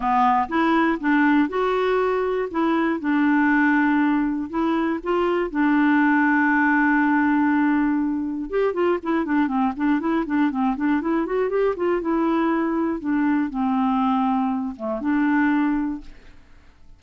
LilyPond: \new Staff \with { instrumentName = "clarinet" } { \time 4/4 \tempo 4 = 120 b4 e'4 d'4 fis'4~ | fis'4 e'4 d'2~ | d'4 e'4 f'4 d'4~ | d'1~ |
d'4 g'8 f'8 e'8 d'8 c'8 d'8 | e'8 d'8 c'8 d'8 e'8 fis'8 g'8 f'8 | e'2 d'4 c'4~ | c'4. a8 d'2 | }